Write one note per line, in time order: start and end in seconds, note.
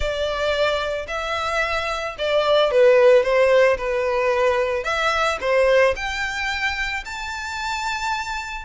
0.00 1.06 D5
1.07 2.15 E5
2.18 2.71 D5
2.71 3.23 B4
3.23 3.77 C5
3.77 4.84 B4
4.84 5.38 E5
5.41 5.95 C5
5.96 7.04 G5
7.05 8.64 A5